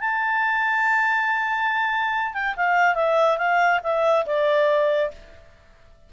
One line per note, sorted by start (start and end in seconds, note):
0.00 2.34 A5
2.34 2.55 G5
2.56 2.95 F5
2.95 3.37 E5
3.37 3.80 F5
3.83 4.26 E5
4.26 5.11 D5